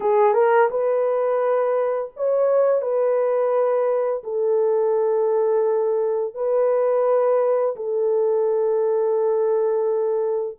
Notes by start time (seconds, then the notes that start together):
0.00 G#4
0.33 A#4
0.70 B4
2.16 C#5
2.81 B4
4.24 A4
6.34 B4
7.76 A4